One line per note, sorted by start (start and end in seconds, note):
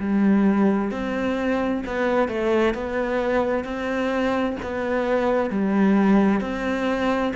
0.00 0.91 G3
0.91 1.84 C4
1.87 2.29 B3
2.29 2.75 A3
2.75 3.65 B3
3.65 4.57 C4
4.63 5.50 B3
5.50 6.41 G3
6.41 7.33 C4